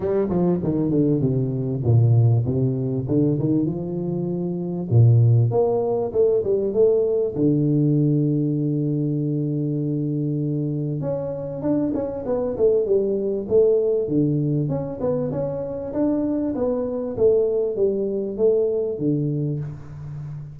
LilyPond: \new Staff \with { instrumentName = "tuba" } { \time 4/4 \tempo 4 = 98 g8 f8 dis8 d8 c4 ais,4 | c4 d8 dis8 f2 | ais,4 ais4 a8 g8 a4 | d1~ |
d2 cis'4 d'8 cis'8 | b8 a8 g4 a4 d4 | cis'8 b8 cis'4 d'4 b4 | a4 g4 a4 d4 | }